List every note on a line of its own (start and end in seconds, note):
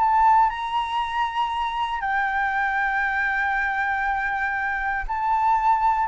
0.00 0.50 A5
0.50 2.01 A#5
2.01 5.06 G5
5.08 6.08 A5